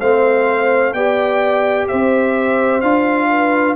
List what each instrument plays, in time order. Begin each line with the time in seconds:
0.00 tuba A3, trombone C4, horn C5, trumpet F5
0.94 tuba B3, trombone G4, horn D5, trumpet G5
1.88 tuba C4, horn C5, trumpet E5
2.82 tuba D4, trombone F4, trumpet F5
3.30 horn B4